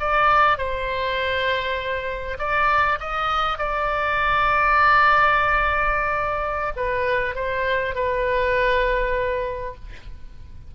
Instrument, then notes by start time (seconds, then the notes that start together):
oboe
0.00 D5
0.58 C5
2.39 D5
3.00 D#5
3.58 D5
6.77 B4
7.35 C5
7.95 B4